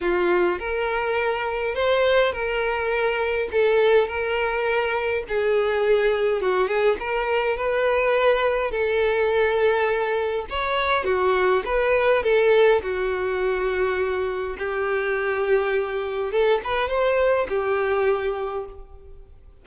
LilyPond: \new Staff \with { instrumentName = "violin" } { \time 4/4 \tempo 4 = 103 f'4 ais'2 c''4 | ais'2 a'4 ais'4~ | ais'4 gis'2 fis'8 gis'8 | ais'4 b'2 a'4~ |
a'2 cis''4 fis'4 | b'4 a'4 fis'2~ | fis'4 g'2. | a'8 b'8 c''4 g'2 | }